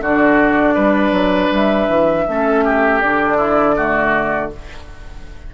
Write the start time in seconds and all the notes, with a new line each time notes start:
0.00 D3 D4 F#4 D5
0.74 G3 B4
1.12 F#3
1.51 G3 E5
1.88 E3
2.28 A3 C#4 A4
2.64 G4
3.00 D3 D4 D5
3.37 E4
3.75 A3 F#4